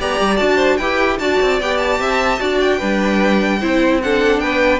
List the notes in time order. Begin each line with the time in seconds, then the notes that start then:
0.00 B3 G4 D5 A#5
0.20 G3
0.37 D4 F#4 A5
0.56 C5
0.77 E4 G4 B4 G5
1.19 D4 F#4 D5 A5
1.41 C4
1.61 B3 G4 G5
1.77 A5
1.99 C4 E5
2.39 D4 F#4 D5
2.60 G5
2.77 G3 D4 B4
3.60 C4 E4 C5
4.02 D4 A4 F#5
4.40 B3 B4 G5